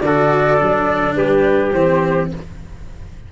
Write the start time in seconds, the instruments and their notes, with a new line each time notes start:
0.00 tuba D3, cello F#4, trumpet A4, flute D5
0.57 tuba F#3, cello D4
1.15 tuba G3, trumpet G4, flute B4
1.72 tuba E3, cello C4, flute C5